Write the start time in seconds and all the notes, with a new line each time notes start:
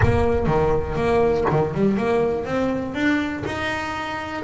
0.02 A#3
0.46 D#3
0.95 A#3
1.50 D#3
1.74 G3
1.97 A#3
2.45 C4
2.94 D4
3.45 D#4